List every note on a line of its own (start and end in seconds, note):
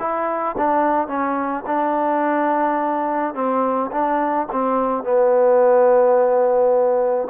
0.00 0.56 E4
0.58 1.08 D4
1.08 1.64 C#4
1.67 3.35 D4
3.35 3.91 C4
3.92 4.48 D4
4.52 5.04 C4
5.04 7.28 B3